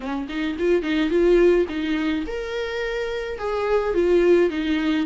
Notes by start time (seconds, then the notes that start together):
0.00 C#4
0.28 D#4
0.58 F4
0.82 D#4
1.10 F4
1.68 D#4
2.27 A#4
3.38 G#4
3.94 F4
4.49 D#4